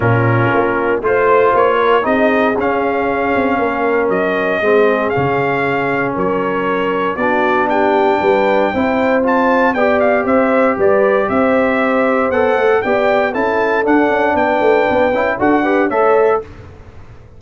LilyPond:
<<
  \new Staff \with { instrumentName = "trumpet" } { \time 4/4 \tempo 4 = 117 ais'2 c''4 cis''4 | dis''4 f''2. | dis''2 f''2 | cis''2 d''4 g''4~ |
g''2 a''4 g''8 f''8 | e''4 d''4 e''2 | fis''4 g''4 a''4 fis''4 | g''2 fis''4 e''4 | }
  \new Staff \with { instrumentName = "horn" } { \time 4/4 f'2 c''4. ais'8 | gis'2. ais'4~ | ais'4 gis'2. | ais'2 fis'4 g'4 |
b'4 c''2 d''4 | c''4 b'4 c''2~ | c''4 d''4 a'2 | b'2 a'8 b'8 cis''4 | }
  \new Staff \with { instrumentName = "trombone" } { \time 4/4 cis'2 f'2 | dis'4 cis'2.~ | cis'4 c'4 cis'2~ | cis'2 d'2~ |
d'4 e'4 f'4 g'4~ | g'1 | a'4 g'4 e'4 d'4~ | d'4. e'8 fis'8 g'8 a'4 | }
  \new Staff \with { instrumentName = "tuba" } { \time 4/4 ais,4 ais4 a4 ais4 | c'4 cis'4. c'8 ais4 | fis4 gis4 cis2 | fis2 b2 |
g4 c'2 b4 | c'4 g4 c'2 | b8 a8 b4 cis'4 d'8 cis'8 | b8 a8 b8 cis'8 d'4 a4 | }
>>